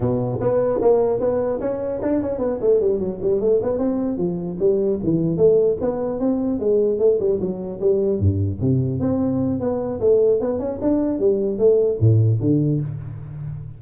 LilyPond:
\new Staff \with { instrumentName = "tuba" } { \time 4/4 \tempo 4 = 150 b,4 b4 ais4 b4 | cis'4 d'8 cis'8 b8 a8 g8 fis8 | g8 a8 b8 c'4 f4 g8~ | g8 e4 a4 b4 c'8~ |
c'8 gis4 a8 g8 fis4 g8~ | g8 g,4 c4 c'4. | b4 a4 b8 cis'8 d'4 | g4 a4 a,4 d4 | }